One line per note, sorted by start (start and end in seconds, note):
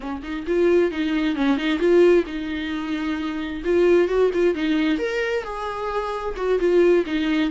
0.00 0.22 C#4
0.23 0.45 D#4
0.46 0.91 F4
0.91 1.35 D#4
1.35 1.57 C#4
1.57 1.79 D#4
1.79 2.24 F4
2.26 3.62 D#4
3.64 4.08 F4
4.08 4.30 F#4
4.33 4.54 F4
4.54 4.98 D#4
4.98 5.43 A#4
5.43 6.34 G#4
6.36 6.59 F#4
6.59 7.05 F4
7.06 7.50 D#4